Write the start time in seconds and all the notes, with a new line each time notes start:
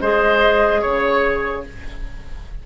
0.00 G#3 G#4 C5 D#5
0.81 C#3 C#5